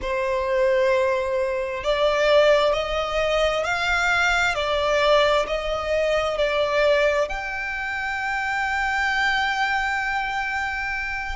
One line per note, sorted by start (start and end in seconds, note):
0.01 1.83 C5
1.83 2.73 D5
2.73 3.64 D#5
3.64 4.55 F5
4.55 5.45 D5
5.47 6.37 D#5
6.37 7.28 D5
7.29 11.36 G5